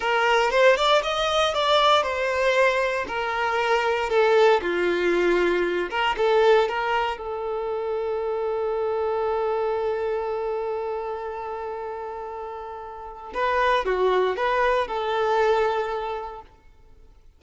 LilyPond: \new Staff \with { instrumentName = "violin" } { \time 4/4 \tempo 4 = 117 ais'4 c''8 d''8 dis''4 d''4 | c''2 ais'2 | a'4 f'2~ f'8 ais'8 | a'4 ais'4 a'2~ |
a'1~ | a'1~ | a'2 b'4 fis'4 | b'4 a'2. | }